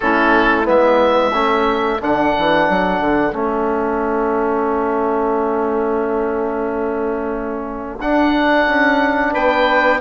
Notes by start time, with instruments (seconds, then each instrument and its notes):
0.00 bassoon A3, trombone C#4, saxophone E4, oboe A4
0.64 bassoon G#3, trombone B3, oboe E5
1.32 bassoon A3, trombone C#4, saxophone A4
2.00 bassoon D3, trombone D4, oboe F#5
2.38 bassoon E3
2.69 bassoon F#3
3.00 bassoon D3
3.32 bassoon A3, trombone C#4, oboe E5
7.99 bassoon D4, trombone D4, oboe F#5
8.66 bassoon C#4
9.32 bassoon B3, saxophone B4, oboe G5